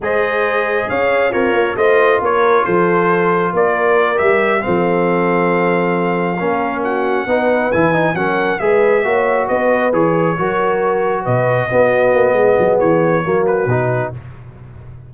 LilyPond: <<
  \new Staff \with { instrumentName = "trumpet" } { \time 4/4 \tempo 4 = 136 dis''2 f''4 cis''4 | dis''4 cis''4 c''2 | d''4. e''4 f''4.~ | f''2.~ f''8 fis''8~ |
fis''4. gis''4 fis''4 e''8~ | e''4. dis''4 cis''4.~ | cis''4. dis''2~ dis''8~ | dis''4 cis''4. b'4. | }
  \new Staff \with { instrumentName = "horn" } { \time 4/4 c''2 cis''4 f'4 | c''4 ais'4 a'2 | ais'2~ ais'8 a'4.~ | a'2~ a'8 ais'4 fis'8~ |
fis'8 b'2 ais'4 b'8~ | b'8 cis''4 b'2 ais'8~ | ais'4. b'4 fis'4. | gis'2 fis'2 | }
  \new Staff \with { instrumentName = "trombone" } { \time 4/4 gis'2. ais'4 | f'1~ | f'4. g'4 c'4.~ | c'2~ c'8 cis'4.~ |
cis'8 dis'4 e'8 dis'8 cis'4 gis'8~ | gis'8 fis'2 gis'4 fis'8~ | fis'2~ fis'8 b4.~ | b2 ais4 dis'4 | }
  \new Staff \with { instrumentName = "tuba" } { \time 4/4 gis2 cis'4 c'8 ais8 | a4 ais4 f2 | ais4. g4 f4.~ | f2~ f8 ais4.~ |
ais8 b4 e4 fis4 gis8~ | gis8 ais4 b4 e4 fis8~ | fis4. b,4 b4 ais8 | gis8 fis8 e4 fis4 b,4 | }
>>